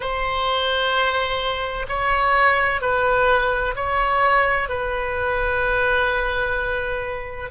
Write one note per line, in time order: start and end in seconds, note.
0.00 1.86 C5
1.88 2.81 C#5
2.81 3.75 B4
3.75 4.69 C#5
4.69 7.50 B4